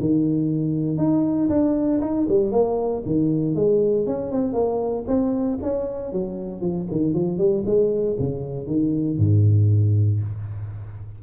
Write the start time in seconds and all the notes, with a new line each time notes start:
0.00 D#3
0.98 D#4
1.49 D4
2.01 D#4
2.29 G3
2.52 A#3
3.06 D#3
3.55 G#3
4.07 C#4
4.32 C4
4.53 A#3
5.07 C4
5.62 C#4
6.13 F#3
6.61 F3
6.91 D#3
7.14 F3
7.38 G3
7.66 G#3
8.19 C#3
8.67 D#3
9.18 G#2